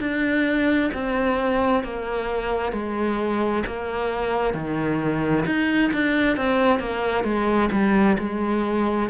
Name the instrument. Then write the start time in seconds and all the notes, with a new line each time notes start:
cello
0.00 D4
0.93 C4
1.83 A#3
2.73 G#3
3.66 A#3
4.54 D#3
5.46 D#4
5.93 D4
6.37 C4
6.80 A#3
7.24 G#3
7.71 G3
8.19 G#3